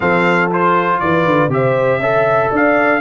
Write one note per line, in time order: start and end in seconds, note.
0.00 1.01 F3
0.00 0.50 C4
0.00 1.01 A4
0.00 0.50 F5
0.51 1.50 F4
0.51 0.99 C5
0.99 1.25 E3
0.99 1.53 B4
0.99 1.50 D5
1.25 1.48 D3
1.48 1.98 C3
1.48 2.00 G4
1.48 2.53 E5
1.54 2.00 C5
1.98 2.49 C#4
1.98 3.00 A4
1.98 2.50 E5
2.50 3.00 D4
2.50 3.00 D5
2.50 3.00 F5